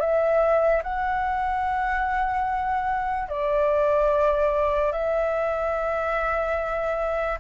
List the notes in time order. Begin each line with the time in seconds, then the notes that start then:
0.00 E5
0.83 F#5
3.29 D5
4.92 E5